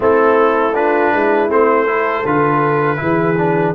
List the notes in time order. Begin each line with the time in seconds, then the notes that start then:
0.00 A3 C4 E4 A4
0.74 D4 F4 B4
1.11 G#3 E4
1.49 A3 C4 C5
1.87 E4 A4
2.25 D3 F4 B4
2.96 E3 E4 G#4
3.37 D4